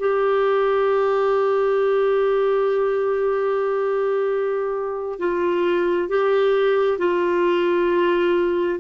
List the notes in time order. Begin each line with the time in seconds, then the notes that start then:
0.00 G4
5.19 F4
6.09 G4
6.98 F4